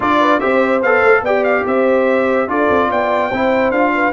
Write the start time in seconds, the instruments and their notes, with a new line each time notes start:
0.00 tuba D4, trombone F4, horn A4, trumpet D5
0.20 horn B4
0.40 tuba C4, trombone G4, horn C5, trumpet E5
0.82 tuba B3, trombone A4, trumpet F5
1.02 tuba A3
1.21 tuba B3, trombone G4, horn D5, trumpet G5
1.44 trumpet F5
1.66 tuba C4, horn C5, trumpet E5
2.47 tuba D4, trombone F4, horn A4, trumpet D5
2.70 tuba C4
2.89 tuba B3, horn D5, trumpet G5
3.29 tuba C4, trombone E4, horn C5
3.70 tuba D4, trombone F4, trumpet F5
3.94 horn B4